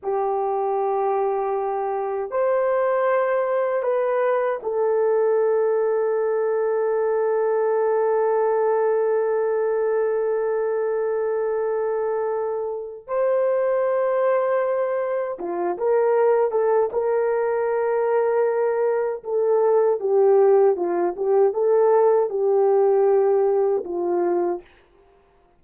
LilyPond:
\new Staff \with { instrumentName = "horn" } { \time 4/4 \tempo 4 = 78 g'2. c''4~ | c''4 b'4 a'2~ | a'1~ | a'1~ |
a'4 c''2. | f'8 ais'4 a'8 ais'2~ | ais'4 a'4 g'4 f'8 g'8 | a'4 g'2 f'4 | }